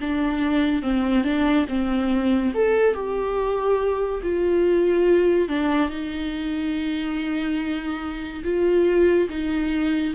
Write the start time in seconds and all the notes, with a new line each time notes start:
0.00 D4
0.82 C4
1.24 D4
1.68 C4
2.54 A4
2.94 G4
4.23 F4
5.48 D4
5.89 D#4
8.44 F4
9.29 D#4